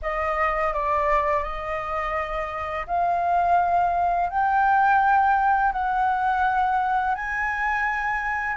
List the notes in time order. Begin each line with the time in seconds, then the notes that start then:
0.02 D#5
0.73 D5
1.43 D#5
2.86 F5
4.29 G5
5.72 F#5
7.14 G#5